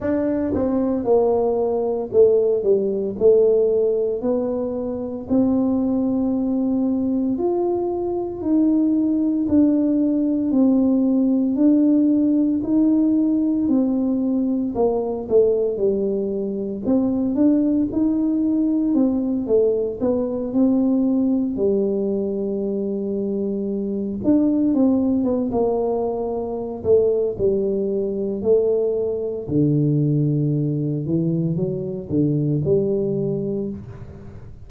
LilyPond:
\new Staff \with { instrumentName = "tuba" } { \time 4/4 \tempo 4 = 57 d'8 c'8 ais4 a8 g8 a4 | b4 c'2 f'4 | dis'4 d'4 c'4 d'4 | dis'4 c'4 ais8 a8 g4 |
c'8 d'8 dis'4 c'8 a8 b8 c'8~ | c'8 g2~ g8 d'8 c'8 | b16 ais4~ ais16 a8 g4 a4 | d4. e8 fis8 d8 g4 | }